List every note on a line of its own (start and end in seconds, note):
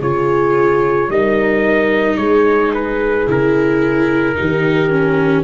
0.00 1.08 C#3
0.00 1.10 F4
0.00 1.09 G#4
0.00 1.10 C#5
1.08 2.17 G3
1.08 3.27 D#4
1.08 2.18 A#4
1.08 2.16 D#5
2.16 3.26 G#3
2.16 4.36 G#4
2.16 2.71 C#5
2.73 3.28 B4
3.27 4.36 C#3
3.27 4.35 E4
3.27 5.43 A#4
4.35 5.43 D#3
4.35 4.89 D#4
4.35 5.43 G4
4.90 5.43 C#4